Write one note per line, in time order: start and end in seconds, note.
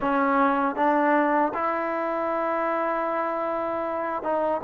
0.00 0.75 C#4
0.75 1.52 D4
1.54 4.22 E4
4.22 4.61 D#4